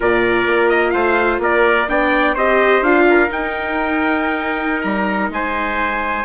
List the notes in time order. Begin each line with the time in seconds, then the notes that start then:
0.00 A#2 F4 A#4 D5
0.47 A#3
0.69 D#5
0.90 A3 C5 F5
1.38 A#3 A#4 D5
1.88 B3 D4 D5 G5
2.34 C4 G4 C5 D#5
2.81 D4 F4 F5
3.10 A#4
3.28 D#4 G5
4.81 G3 A#5
5.29 G#3 C5 G#5